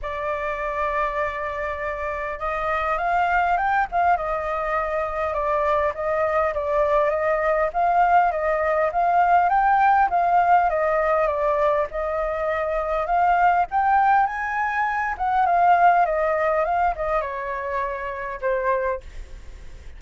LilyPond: \new Staff \with { instrumentName = "flute" } { \time 4/4 \tempo 4 = 101 d''1 | dis''4 f''4 g''8 f''8 dis''4~ | dis''4 d''4 dis''4 d''4 | dis''4 f''4 dis''4 f''4 |
g''4 f''4 dis''4 d''4 | dis''2 f''4 g''4 | gis''4. fis''8 f''4 dis''4 | f''8 dis''8 cis''2 c''4 | }